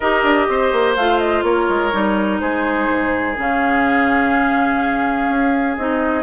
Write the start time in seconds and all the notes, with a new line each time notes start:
0.00 D#4 G4 A#4 D#5
0.23 D4
0.48 C4 C5
0.72 A#3
0.95 A3 F4 F5
1.19 D#5
1.42 A#3 A#4 C#5
1.69 G#3
1.92 G3 D#4
2.39 G#3 G#4 C5
2.88 G#2
3.36 C#3 C#4 F5
5.28 C#4
5.77 C4 D#4 D#5